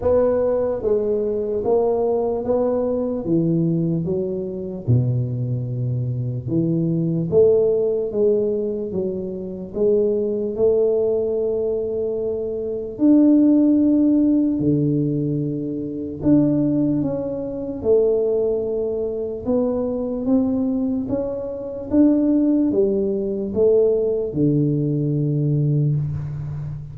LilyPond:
\new Staff \with { instrumentName = "tuba" } { \time 4/4 \tempo 4 = 74 b4 gis4 ais4 b4 | e4 fis4 b,2 | e4 a4 gis4 fis4 | gis4 a2. |
d'2 d2 | d'4 cis'4 a2 | b4 c'4 cis'4 d'4 | g4 a4 d2 | }